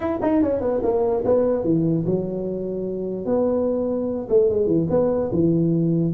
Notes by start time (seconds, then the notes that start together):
0.00 E4
0.22 D#4
0.42 C#4
0.60 B3
0.82 A#3
1.24 B3
1.63 E3
2.06 F#3
3.25 B3
4.29 A3
4.49 G#3
4.66 E3
4.90 B3
5.32 E3